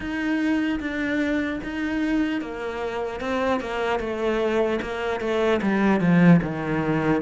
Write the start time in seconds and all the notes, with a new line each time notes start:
0.00 D#4
0.80 D4
1.63 D#4
2.41 A#3
3.20 C4
3.60 A#3
3.99 A3
4.81 A#3
5.20 A3
5.62 G3
6.00 F3
6.42 D#3